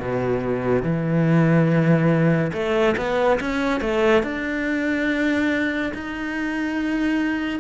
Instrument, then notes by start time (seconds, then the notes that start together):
cello
0.00 B2
0.83 E3
2.54 A3
2.98 B3
3.41 C#4
3.81 A3
4.24 D4
5.95 D#4